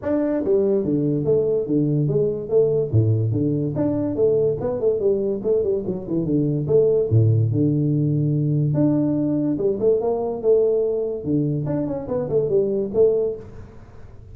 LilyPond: \new Staff \with { instrumentName = "tuba" } { \time 4/4 \tempo 4 = 144 d'4 g4 d4 a4 | d4 gis4 a4 a,4 | d4 d'4 a4 b8 a8 | g4 a8 g8 fis8 e8 d4 |
a4 a,4 d2~ | d4 d'2 g8 a8 | ais4 a2 d4 | d'8 cis'8 b8 a8 g4 a4 | }